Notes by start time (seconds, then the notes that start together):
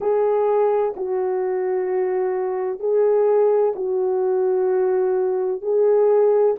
0.00 G#4
0.96 F#4
2.79 G#4
3.75 F#4
5.61 G#4